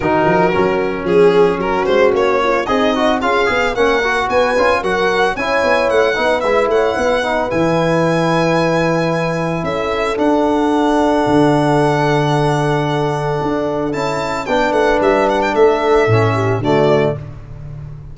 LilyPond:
<<
  \new Staff \with { instrumentName = "violin" } { \time 4/4 \tempo 4 = 112 ais'2 gis'4 ais'8 c''8 | cis''4 dis''4 f''4 fis''4 | gis''4 fis''4 gis''4 fis''4 | e''8 fis''4. gis''2~ |
gis''2 e''4 fis''4~ | fis''1~ | fis''2 a''4 g''8 fis''8 | e''8 fis''16 g''16 e''2 d''4 | }
  \new Staff \with { instrumentName = "horn" } { \time 4/4 fis'2 gis'4 fis'4~ | fis'8 f'8 dis'4 gis'4 ais'4 | b'4 ais'4 cis''4. b'8~ | b'8 cis''8 b'2.~ |
b'2 a'2~ | a'1~ | a'2. b'4~ | b'4 a'4. g'8 fis'4 | }
  \new Staff \with { instrumentName = "trombone" } { \time 4/4 dis'4 cis'2.~ | cis'4 gis'8 fis'8 f'8 gis'8 cis'8 fis'8~ | fis'8 f'8 fis'4 e'4. dis'8 | e'4. dis'8 e'2~ |
e'2. d'4~ | d'1~ | d'2 e'4 d'4~ | d'2 cis'4 a4 | }
  \new Staff \with { instrumentName = "tuba" } { \time 4/4 dis8 f8 fis4 f4 fis8 gis8 | ais4 c'4 cis'8 b8 ais4 | b8 cis'8 fis4 cis'8 b8 a8 b8 | gis8 a8 b4 e2~ |
e2 cis'4 d'4~ | d'4 d2.~ | d4 d'4 cis'4 b8 a8 | g4 a4 a,4 d4 | }
>>